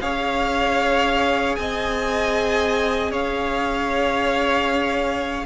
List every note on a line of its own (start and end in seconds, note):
0.00 1.57 C#4
0.00 5.46 G#4
0.00 1.58 C#5
0.00 1.55 F5
1.55 3.11 C4
1.55 3.11 D#5
1.55 3.11 G#5
3.11 5.44 C#4
3.11 5.45 C#5
3.11 5.46 F5